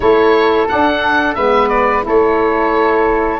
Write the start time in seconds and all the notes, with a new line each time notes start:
0.00 A3 E4 A4 C#5
0.68 D4 F#5
1.35 G#3 B3 B4 E5
1.68 D5
2.01 A3 E4 A4
2.08 C#5